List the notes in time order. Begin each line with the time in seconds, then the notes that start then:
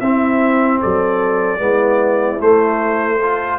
0.00 C4 E4 E5
0.80 F#3 A4 D5
1.59 G#3 B3 E4
2.39 A3 C5
3.19 F4 A4